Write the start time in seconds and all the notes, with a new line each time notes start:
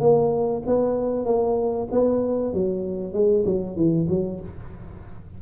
0.00 A#3
0.66 B3
1.25 A#3
1.91 B3
2.53 F#3
3.13 G#3
3.45 F#3
3.76 E3
4.09 F#3